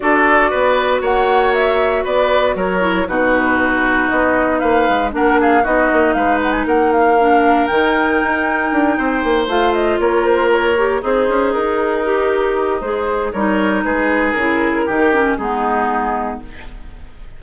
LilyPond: <<
  \new Staff \with { instrumentName = "flute" } { \time 4/4 \tempo 4 = 117 d''2 fis''4 e''4 | d''4 cis''4 b'2 | dis''4 f''4 fis''8 f''8 dis''4 | f''8 fis''16 gis''16 fis''8 f''4. g''4~ |
g''2~ g''8 f''8 dis''8 cis''8 | c''8 cis''4 c''4 ais'4.~ | ais'4 c''4 cis''4 b'4 | ais'2 gis'2 | }
  \new Staff \with { instrumentName = "oboe" } { \time 4/4 a'4 b'4 cis''2 | b'4 ais'4 fis'2~ | fis'4 b'4 ais'8 gis'8 fis'4 | b'4 ais'2.~ |
ais'4. c''2 ais'8~ | ais'4. dis'2~ dis'8~ | dis'2 ais'4 gis'4~ | gis'4 g'4 dis'2 | }
  \new Staff \with { instrumentName = "clarinet" } { \time 4/4 fis'1~ | fis'4. e'8 dis'2~ | dis'2 d'4 dis'4~ | dis'2 d'4 dis'4~ |
dis'2~ dis'8 f'4.~ | f'4 g'8 gis'2 g'8~ | g'4 gis'4 dis'2 | e'4 dis'8 cis'8 b2 | }
  \new Staff \with { instrumentName = "bassoon" } { \time 4/4 d'4 b4 ais2 | b4 fis4 b,2 | b4 ais8 gis8 ais4 b8 ais8 | gis4 ais2 dis4 |
dis'4 d'8 c'8 ais8 a4 ais8~ | ais4. c'8 cis'8 dis'4.~ | dis'4 gis4 g4 gis4 | cis4 dis4 gis2 | }
>>